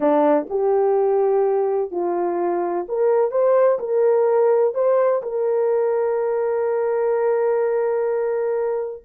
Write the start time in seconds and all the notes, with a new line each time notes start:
0.00 D4
0.49 G4
1.91 F4
2.88 A#4
3.31 C5
3.79 A#4
4.74 C5
5.22 A#4